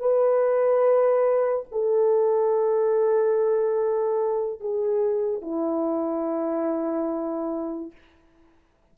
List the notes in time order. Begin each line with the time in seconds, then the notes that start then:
0.00 B4
1.72 A4
4.61 G#4
5.42 E4